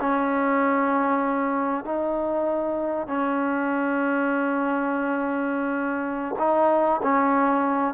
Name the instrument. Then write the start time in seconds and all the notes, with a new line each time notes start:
trombone
0.00 C#4
1.85 D#4
3.07 C#4
6.39 D#4
7.03 C#4